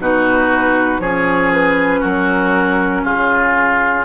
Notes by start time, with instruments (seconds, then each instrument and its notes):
0.00 bassoon B2, clarinet D#4, oboe F#4, flute B4
1.00 bassoon F3, clarinet C#4, oboe G#4, flute C#5
1.53 flute B4
2.00 bassoon F#3, oboe F#4, flute A#4
3.04 bassoon C#3, oboe F4, flute G#4